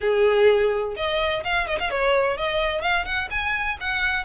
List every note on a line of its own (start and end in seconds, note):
0.00 0.95 G#4
0.96 1.43 D#5
1.44 1.67 F5
1.67 1.78 D#5
1.79 1.90 F5
1.90 2.37 C#5
2.37 2.81 D#5
2.81 3.05 F5
3.05 3.29 F#5
3.30 3.77 G#5
3.80 4.24 F#5